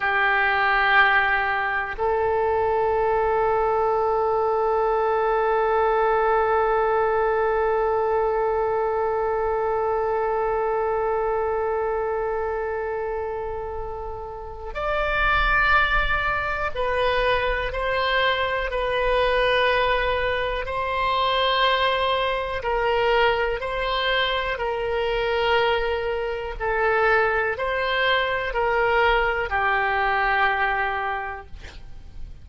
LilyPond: \new Staff \with { instrumentName = "oboe" } { \time 4/4 \tempo 4 = 61 g'2 a'2~ | a'1~ | a'1~ | a'2. d''4~ |
d''4 b'4 c''4 b'4~ | b'4 c''2 ais'4 | c''4 ais'2 a'4 | c''4 ais'4 g'2 | }